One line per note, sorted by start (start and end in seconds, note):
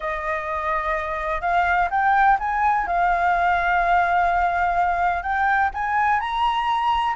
0.00 1.41 D#5
1.41 1.88 F5
1.90 2.37 G5
2.39 2.87 G#5
2.87 5.23 F5
5.23 5.70 G5
5.73 6.20 G#5
6.20 7.15 A#5